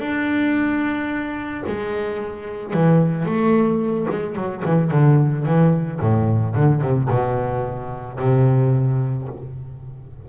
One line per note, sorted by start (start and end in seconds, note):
0.00 1.64 D4
1.67 2.74 G#3
2.74 3.26 E3
3.26 4.08 A3
4.11 4.36 G#3
4.36 4.63 F#3
4.65 4.91 E3
4.91 5.46 D3
5.46 6.00 E3
6.01 6.55 A2
6.56 6.82 D3
6.82 7.09 C3
7.10 8.19 B2
8.19 9.29 C3